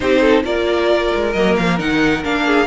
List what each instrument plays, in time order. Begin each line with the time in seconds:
0.00 cello C4, viola D#4, violin G4 C5
0.20 violin A4
0.44 cello A#3, viola F4, violin A#4 D5
1.15 cello G#3
1.33 cello F#3, viola A#3, violin D#5
1.56 cello F3, violin F5
1.78 cello D#3, viola D#4, violin F#5
2.23 cello A#3, viola D4, violin F5
2.45 violin G#4